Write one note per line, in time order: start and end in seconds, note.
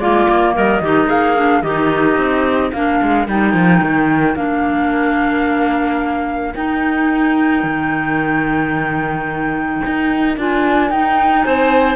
0.00 0.27 G#3
0.00 0.82 A#3
0.00 0.55 F4
0.00 0.55 D5
0.29 0.56 A#3
0.55 0.82 G3
0.55 0.82 A#4
0.55 1.10 D#5
0.82 1.09 D#3
0.82 1.36 D#4
0.82 1.06 G4
1.06 1.62 A#3
1.06 1.61 G#4
1.06 1.62 F5
1.36 1.63 D4
1.62 2.17 D#3
1.62 2.73 D#4
1.62 2.71 G4
1.62 2.71 D#5
2.17 2.72 C4
2.71 3.01 A#3
2.71 3.28 D4
2.71 11.44 A#4
2.71 3.27 F5
3.02 3.28 G#3
3.28 3.54 G3
3.28 4.35 D#4
3.28 4.36 G5
3.54 3.81 F3
3.82 4.36 D#3
4.35 6.54 A#3
4.35 6.53 D4
4.35 6.54 F5
6.55 7.63 D#4
6.55 10.38 D#4
6.55 10.37 G5
7.63 9.81 D#3
9.86 10.37 D#4
10.37 10.91 D4
10.37 10.90 F4
10.37 10.91 G#5
10.90 11.96 D#4
10.90 11.45 D#4
10.90 11.42 G5
11.42 11.96 C4
11.42 11.96 C5
11.42 11.96 G#5